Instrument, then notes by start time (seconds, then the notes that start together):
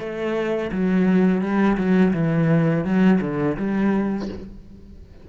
cello
0.00 A3
0.72 F#3
1.42 G3
1.78 F#3
2.14 E3
2.85 F#3
3.21 D3
3.58 G3